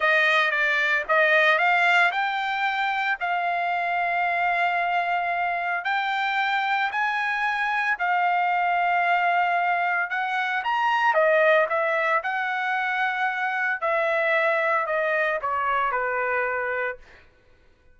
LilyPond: \new Staff \with { instrumentName = "trumpet" } { \time 4/4 \tempo 4 = 113 dis''4 d''4 dis''4 f''4 | g''2 f''2~ | f''2. g''4~ | g''4 gis''2 f''4~ |
f''2. fis''4 | ais''4 dis''4 e''4 fis''4~ | fis''2 e''2 | dis''4 cis''4 b'2 | }